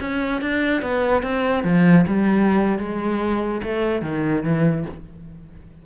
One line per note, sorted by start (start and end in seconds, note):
0.00 0.41 C#4
0.41 0.81 D4
0.81 1.22 B3
1.22 1.64 C4
1.64 2.05 F3
2.07 2.78 G3
2.78 3.61 G#3
3.63 4.02 A3
4.02 4.43 D#3
4.43 4.85 E3